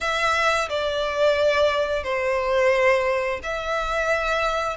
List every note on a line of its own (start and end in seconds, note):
0.00 0.68 E5
0.68 2.03 D5
2.03 3.40 C5
3.43 4.76 E5